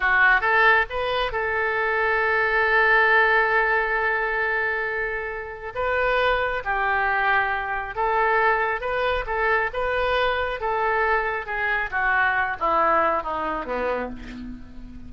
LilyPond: \new Staff \with { instrumentName = "oboe" } { \time 4/4 \tempo 4 = 136 fis'4 a'4 b'4 a'4~ | a'1~ | a'1~ | a'4 b'2 g'4~ |
g'2 a'2 | b'4 a'4 b'2 | a'2 gis'4 fis'4~ | fis'8 e'4. dis'4 b4 | }